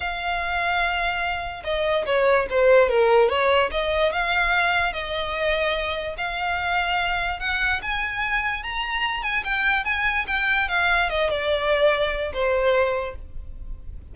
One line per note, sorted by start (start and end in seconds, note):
0.00 1.63 F5
1.64 2.05 D#5
2.05 2.47 C#5
2.50 2.89 C5
2.89 3.29 A#4
3.29 3.70 C#5
3.71 4.12 D#5
4.12 4.92 F5
4.92 6.16 D#5
6.17 7.39 F5
7.39 7.80 F#5
7.81 8.63 G#5
8.63 9.23 A#5
9.23 9.43 G#5
9.44 9.84 G5
9.84 10.25 G#5
10.27 10.68 G5
10.68 11.09 F5
11.09 11.29 D#5
11.29 12.32 D5
12.33 13.15 C5